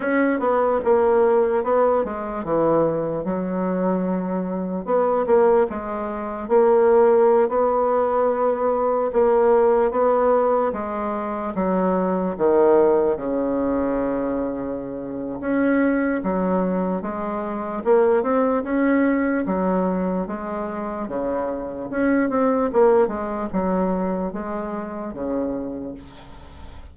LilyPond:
\new Staff \with { instrumentName = "bassoon" } { \time 4/4 \tempo 4 = 74 cis'8 b8 ais4 b8 gis8 e4 | fis2 b8 ais8 gis4 | ais4~ ais16 b2 ais8.~ | ais16 b4 gis4 fis4 dis8.~ |
dis16 cis2~ cis8. cis'4 | fis4 gis4 ais8 c'8 cis'4 | fis4 gis4 cis4 cis'8 c'8 | ais8 gis8 fis4 gis4 cis4 | }